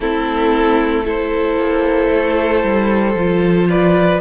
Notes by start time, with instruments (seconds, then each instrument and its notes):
0.00 cello A3, viola C4, violin E4 A4
1.04 viola E4, violin A4 C5
1.57 cello A#3
2.11 cello A3
2.63 cello G3
3.14 cello F3, viola F4
3.69 violin B4 D5